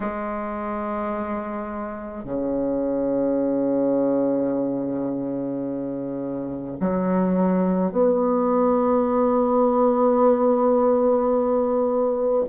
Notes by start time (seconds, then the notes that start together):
0.00 G#3
2.24 C#3
6.80 F#3
7.91 B3